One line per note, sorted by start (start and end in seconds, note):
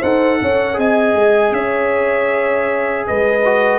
0.00 0.41 D#4
0.00 0.73 A4
0.00 0.38 C5
0.00 0.78 F#5
0.41 0.77 C#4
0.41 0.78 C#5
0.73 1.14 C4
0.73 3.39 G#4
0.73 1.54 D#5
0.73 1.53 G#5
1.14 1.51 G#3
1.51 3.03 C#4
1.51 3.06 C#5
1.51 3.05 E5
3.06 3.78 G#3
3.06 3.78 B4
3.06 3.78 D#5
3.44 3.78 F#4